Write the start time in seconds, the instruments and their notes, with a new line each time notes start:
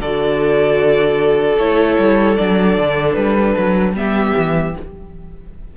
0.00 cello D3, viola F#4, violin A4 D5
1.59 cello A3, viola E4, violin C#5
1.98 cello G3
2.36 cello F#3, viola D4, violin D5
2.78 cello D3
3.14 cello G3, violin B4
3.58 cello F#3
3.94 cello G3, viola B3, violin G4 E5
4.37 cello E3